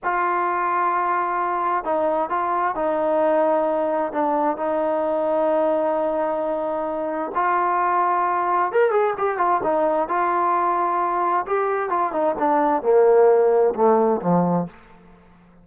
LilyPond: \new Staff \with { instrumentName = "trombone" } { \time 4/4 \tempo 4 = 131 f'1 | dis'4 f'4 dis'2~ | dis'4 d'4 dis'2~ | dis'1 |
f'2. ais'8 gis'8 | g'8 f'8 dis'4 f'2~ | f'4 g'4 f'8 dis'8 d'4 | ais2 a4 f4 | }